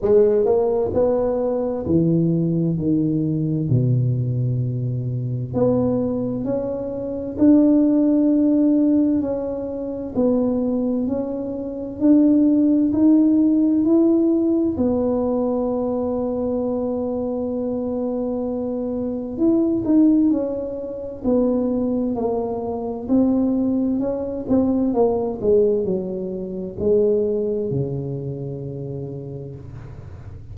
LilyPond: \new Staff \with { instrumentName = "tuba" } { \time 4/4 \tempo 4 = 65 gis8 ais8 b4 e4 dis4 | b,2 b4 cis'4 | d'2 cis'4 b4 | cis'4 d'4 dis'4 e'4 |
b1~ | b4 e'8 dis'8 cis'4 b4 | ais4 c'4 cis'8 c'8 ais8 gis8 | fis4 gis4 cis2 | }